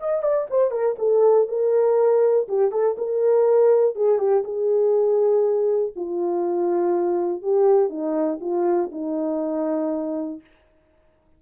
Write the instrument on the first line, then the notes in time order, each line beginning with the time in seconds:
horn
0.00 D#5
0.23 D5
0.50 C5
0.71 A#4
0.98 A4
1.48 A#4
2.48 G4
2.72 A4
2.98 A#4
3.96 G#4
4.19 G4
4.44 G#4
5.96 F4
7.42 G4
7.89 D#4
8.41 F4
8.92 D#4